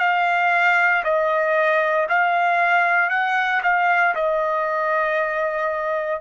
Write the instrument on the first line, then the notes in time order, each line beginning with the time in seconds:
trumpet
0.00 F5
1.04 D#5
2.09 F5
3.10 F#5
3.63 F5
4.16 D#5